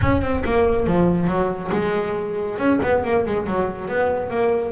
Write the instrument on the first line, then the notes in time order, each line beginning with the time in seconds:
double bass
0.01 C#4
0.21 C4
0.44 A#3
0.87 F3
1.27 F#3
1.71 G#3
2.58 C#4
2.83 B3
3.04 A#3
3.26 G#3
3.46 F#3
3.88 B3
4.30 A#3